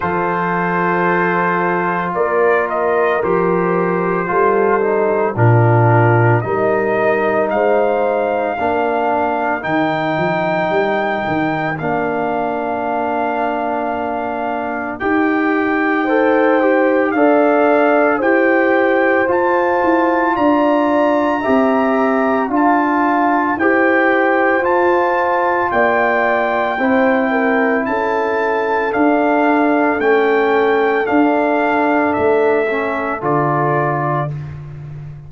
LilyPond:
<<
  \new Staff \with { instrumentName = "trumpet" } { \time 4/4 \tempo 4 = 56 c''2 d''8 dis''8 c''4~ | c''4 ais'4 dis''4 f''4~ | f''4 g''2 f''4~ | f''2 g''2 |
f''4 g''4 a''4 ais''4~ | ais''4 a''4 g''4 a''4 | g''2 a''4 f''4 | g''4 f''4 e''4 d''4 | }
  \new Staff \with { instrumentName = "horn" } { \time 4/4 a'2 ais'2 | a'4 f'4 ais'4 c''4 | ais'1~ | ais'2. c''4 |
d''4 c''2 d''4 | e''4 f''4 c''2 | d''4 c''8 ais'8 a'2~ | a'1 | }
  \new Staff \with { instrumentName = "trombone" } { \time 4/4 f'2. g'4 | f'8 dis'8 d'4 dis'2 | d'4 dis'2 d'4~ | d'2 g'4 a'8 g'8 |
a'4 g'4 f'2 | g'4 f'4 g'4 f'4~ | f'4 e'2 d'4 | cis'4 d'4. cis'8 f'4 | }
  \new Staff \with { instrumentName = "tuba" } { \time 4/4 f2 ais4 f4 | g4 ais,4 g4 gis4 | ais4 dis8 f8 g8 dis8 ais4~ | ais2 dis'2 |
d'4 e'4 f'8 e'8 d'4 | c'4 d'4 e'4 f'4 | ais4 c'4 cis'4 d'4 | a4 d'4 a4 d4 | }
>>